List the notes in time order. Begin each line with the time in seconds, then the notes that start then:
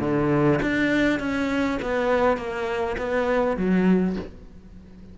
0.00 D3
0.62 D4
1.20 C#4
1.82 B3
2.37 A#3
2.98 B3
3.57 F#3